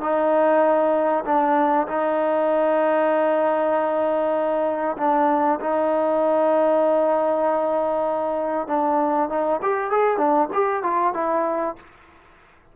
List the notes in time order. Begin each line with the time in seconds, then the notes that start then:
0.00 D#4
1.25 D4
1.87 D#4
4.97 D4
5.60 D#4
8.67 D4
9.29 D#4
9.62 G4
9.90 G#4
10.17 D4
10.53 G4
10.82 F4
11.13 E4